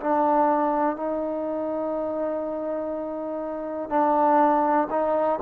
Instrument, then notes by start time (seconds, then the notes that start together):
trombone
0.00 D4
0.96 D#4
3.89 D4
4.90 D#4